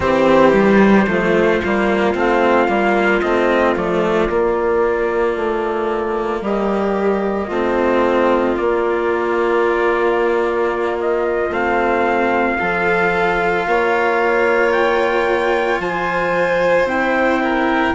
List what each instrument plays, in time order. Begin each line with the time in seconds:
0.00 bassoon E3, cello C4, violin G4, trumpet C5
0.52 cello G3
1.07 bassoon F3, cello A3, violin F4
1.64 bassoon G3, cello A#3
2.14 bassoon A3, cello C4, trumpet F5
2.68 bassoon G3, cello A#3
3.21 bassoon A3, cello C4, trumpet D#5
3.75 bassoon F3, cello A3, trumpet D5
4.29 bassoon A#3, cello A#3
5.35 bassoon A3
6.41 bassoon G3, violin G4, trumpet D#5
7.47 bassoon A3, cello C4, violin F4
8.56 cello A#3, bassoon A#3, trumpet D5
11.00 trumpet D#5
11.49 bassoon A3, cello C4, trumpet F5
12.58 bassoon F3, cello F4, violin A4
13.65 bassoon A#3, violin C#5
14.72 trumpet G5
15.79 bassoon F3, violin C5, trumpet G#5
16.84 bassoon C4, cello E4, trumpet G5
17.42 violin A#4